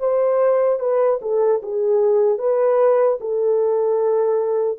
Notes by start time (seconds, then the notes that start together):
0.00 C5
0.80 B4
1.22 A4
1.63 G#4
2.39 B4
3.21 A4